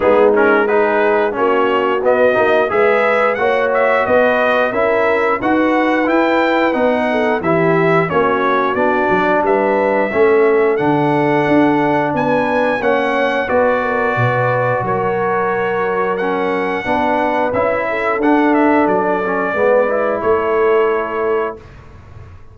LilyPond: <<
  \new Staff \with { instrumentName = "trumpet" } { \time 4/4 \tempo 4 = 89 gis'8 ais'8 b'4 cis''4 dis''4 | e''4 fis''8 e''8 dis''4 e''4 | fis''4 g''4 fis''4 e''4 | cis''4 d''4 e''2 |
fis''2 gis''4 fis''4 | d''2 cis''2 | fis''2 e''4 fis''8 e''8 | d''2 cis''2 | }
  \new Staff \with { instrumentName = "horn" } { \time 4/4 dis'4 gis'4 fis'2 | b'4 cis''4 b'4 ais'4 | b'2~ b'8 a'8 g'4 | fis'2 b'4 a'4~ |
a'2 b'4 cis''4 | b'8 ais'8 b'4 ais'2~ | ais'4 b'4. a'4.~ | a'4 b'4 a'2 | }
  \new Staff \with { instrumentName = "trombone" } { \time 4/4 b8 cis'8 dis'4 cis'4 b8 dis'8 | gis'4 fis'2 e'4 | fis'4 e'4 dis'4 e'4 | cis'4 d'2 cis'4 |
d'2. cis'4 | fis'1 | cis'4 d'4 e'4 d'4~ | d'8 cis'8 b8 e'2~ e'8 | }
  \new Staff \with { instrumentName = "tuba" } { \time 4/4 gis2 ais4 b8 ais8 | gis4 ais4 b4 cis'4 | dis'4 e'4 b4 e4 | ais4 b8 fis8 g4 a4 |
d4 d'4 b4 ais4 | b4 b,4 fis2~ | fis4 b4 cis'4 d'4 | fis4 gis4 a2 | }
>>